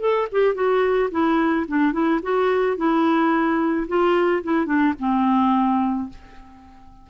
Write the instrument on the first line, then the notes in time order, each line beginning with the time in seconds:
clarinet
0.00 A4
0.32 G4
0.55 F#4
1.11 E4
1.68 D4
1.93 E4
2.23 F#4
2.77 E4
3.88 F4
4.43 E4
4.66 D4
4.99 C4